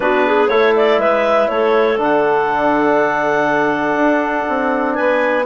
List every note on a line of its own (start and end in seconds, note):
0.00 0.48 B3
0.00 0.48 D4
0.00 0.26 F#4
0.00 0.48 B4
0.26 0.50 G#4
0.48 0.97 A3
0.48 1.97 E4
0.48 1.00 A4
0.48 0.73 C#5
0.76 0.99 D5
0.97 1.47 G#3
0.97 1.49 B4
0.97 1.48 E5
1.48 1.98 A3
1.48 4.95 A4
1.48 1.98 C#5
1.97 3.95 D3
1.97 5.44 D4
1.97 4.94 F#5
3.95 4.45 D4
4.49 4.98 C4
4.94 5.45 B3
4.94 5.44 B4
4.94 5.44 G#5